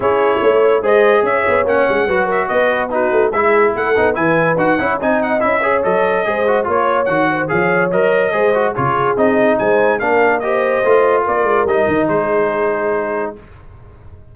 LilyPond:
<<
  \new Staff \with { instrumentName = "trumpet" } { \time 4/4 \tempo 4 = 144 cis''2 dis''4 e''4 | fis''4. e''8 dis''4 b'4 | e''4 fis''4 gis''4 fis''4 | gis''8 fis''8 e''4 dis''2 |
cis''4 fis''4 f''4 dis''4~ | dis''4 cis''4 dis''4 gis''4 | f''4 dis''2 d''4 | dis''4 c''2. | }
  \new Staff \with { instrumentName = "horn" } { \time 4/4 gis'4 cis''4 c''4 cis''4~ | cis''4 b'8 ais'8 b'4 fis'4 | gis'4 a'4 b'4. cis''8 | dis''4. cis''4. c''4 |
cis''4. c''8 cis''2 | c''4 gis'2 c''4 | ais'4 c''2 ais'4~ | ais'4 gis'2. | }
  \new Staff \with { instrumentName = "trombone" } { \time 4/4 e'2 gis'2 | cis'4 fis'2 dis'4 | e'4. dis'8 e'4 fis'8 e'8 | dis'4 e'8 gis'8 a'4 gis'8 fis'8 |
f'4 fis'4 gis'4 ais'4 | gis'8 fis'8 f'4 dis'2 | d'4 g'4 f'2 | dis'1 | }
  \new Staff \with { instrumentName = "tuba" } { \time 4/4 cis'4 a4 gis4 cis'8 b8 | ais8 gis8 fis4 b4. a8 | gis4 a8 b8 e4 dis'8 cis'8 | c'4 cis'4 fis4 gis4 |
ais4 dis4 f4 fis4 | gis4 cis4 c'4 gis4 | ais2 a4 ais8 gis8 | g8 dis8 gis2. | }
>>